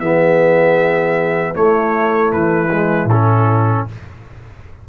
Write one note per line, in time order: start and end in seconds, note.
0.00 1.54 E3
0.00 1.54 B3
0.00 1.54 G#4
0.00 1.54 E5
1.54 2.70 A3
1.54 2.33 A3
1.54 3.84 E4
1.54 2.32 C#5
2.33 3.05 E3
2.33 3.09 B4
2.71 3.10 G#3
3.05 3.82 A2
3.05 3.87 A4
3.12 3.89 C#4